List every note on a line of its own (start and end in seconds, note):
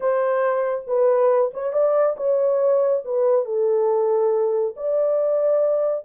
0.00 0.84 C5
0.87 1.51 B4
1.53 1.72 C#5
1.72 2.16 D5
2.16 3.03 C#5
3.04 3.45 B4
3.45 4.74 A4
4.76 6.05 D5